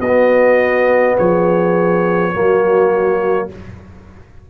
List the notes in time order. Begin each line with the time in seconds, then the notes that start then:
0.00 B3 F#4 D#5
0.07 B3
1.16 F3 G#4 C#5
2.34 F#3 A#3 F#4